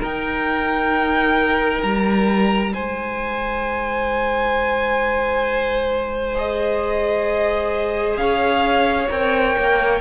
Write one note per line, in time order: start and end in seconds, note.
0.00 6.35 D#4
0.00 1.83 D#4
0.00 2.73 A#4
0.00 1.82 G5
1.82 2.74 G3
1.82 2.73 A#5
2.73 8.17 G#3
2.73 8.19 C5
2.73 6.37 G#5
6.35 9.08 G#4
6.35 8.17 D#5
8.17 9.08 C#4
8.17 10.01 C#5
8.17 9.08 F5
9.09 9.56 C4
9.09 10.00 A#4
9.09 10.01 G5
9.57 10.01 A#3